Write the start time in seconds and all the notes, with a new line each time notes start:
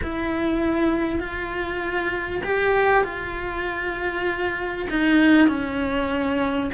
0.03 E4
1.19 F4
2.44 G4
3.04 F4
4.90 D#4
5.48 C#4